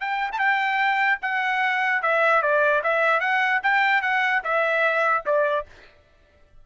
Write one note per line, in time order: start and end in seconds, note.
0.00 0.30 G5
0.32 0.38 A5
0.38 1.19 G5
1.22 2.02 F#5
2.02 2.42 E5
2.42 2.82 D5
2.83 3.20 E5
3.20 3.60 F#5
3.63 4.02 G5
4.02 4.42 F#5
4.43 5.24 E5
5.26 5.66 D5